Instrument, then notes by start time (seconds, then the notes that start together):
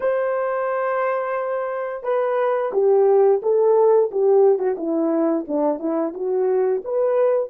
horn
0.00 C5
2.03 B4
2.73 G4
3.42 A4
4.11 G4
4.59 F#4
4.77 E4
5.47 D4
5.79 E4
6.14 F#4
6.84 B4